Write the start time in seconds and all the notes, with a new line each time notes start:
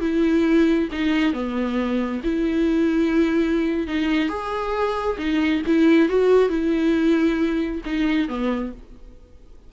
0.00 E4
0.92 D#4
1.33 B3
2.23 E4
3.87 D#4
4.28 G#4
5.18 D#4
5.66 E4
6.08 F#4
6.49 E4
7.85 D#4
8.28 B3